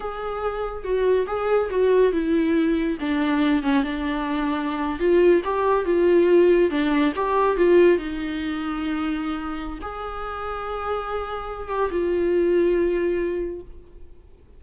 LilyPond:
\new Staff \with { instrumentName = "viola" } { \time 4/4 \tempo 4 = 141 gis'2 fis'4 gis'4 | fis'4 e'2 d'4~ | d'8 cis'8 d'2~ d'8. f'16~ | f'8. g'4 f'2 d'16~ |
d'8. g'4 f'4 dis'4~ dis'16~ | dis'2. gis'4~ | gis'2.~ gis'8 g'8 | f'1 | }